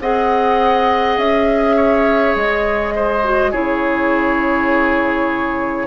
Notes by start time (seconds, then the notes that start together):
0.00 C4 G#4 D#5 F#5
1.17 C#4 E5
1.76 C#5
2.36 G#3 D#5
2.95 C5
3.24 F#4
3.51 C#3 E4 G#4 C#5